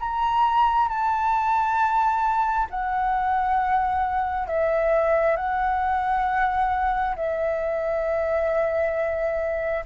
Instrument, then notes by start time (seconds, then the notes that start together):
flute
0.00 A#5
0.88 A5
2.70 F#5
4.48 E5
5.36 F#5
7.16 E5